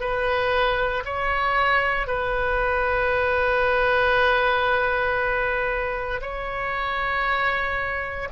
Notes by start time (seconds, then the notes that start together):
0.00 B4
1.05 C#5
2.07 B4
6.22 C#5